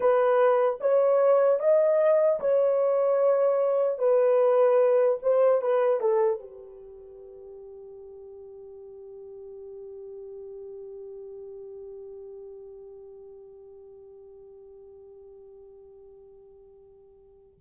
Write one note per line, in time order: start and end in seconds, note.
0.00 0.78 B4
0.80 1.59 C#5
1.59 2.39 D#5
2.40 3.98 C#5
3.98 5.18 B4
5.22 5.61 C5
5.61 6.00 B4
6.00 6.39 A4
6.39 17.59 G4